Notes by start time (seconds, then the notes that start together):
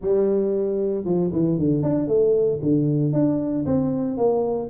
0.01 G3
1.04 F3
1.32 E3
1.58 D3
1.82 D4
2.07 A3
2.62 D3
3.13 D4
3.65 C4
4.17 A#3